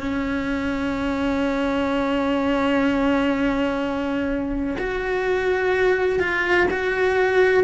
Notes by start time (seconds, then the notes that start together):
0.00 C#4
4.78 F#4
6.19 F4
6.71 F#4